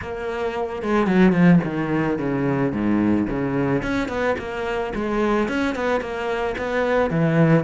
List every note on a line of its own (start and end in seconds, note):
0.01 0.82 A#3
0.82 1.07 G#3
1.07 1.32 F#3
1.32 1.59 F3
1.63 2.18 D#3
2.18 2.72 C#3
2.72 3.27 G#2
3.29 3.82 C#3
3.82 4.08 C#4
4.08 4.35 B3
4.38 4.93 A#3
4.94 5.48 G#3
5.48 5.75 C#4
5.75 6.00 B3
6.00 6.55 A#3
6.58 7.10 B3
7.10 7.64 E3